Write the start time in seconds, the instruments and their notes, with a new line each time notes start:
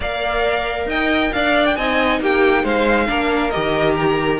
0.00 cello A#3, viola A#4, violin D5 F5
0.86 cello D#4, violin D#5 G5
1.32 cello D4, violin D5 F5
1.65 violin G5
1.76 cello C4, viola D#4, violin D#5 G#5
2.19 cello A#3, violin G4 G5
2.63 cello G#3, violin C5 F5
3.07 cello A#3, viola D4, violin A#4
3.50 cello D#3, viola G4, violin D#5
3.97 violin A#5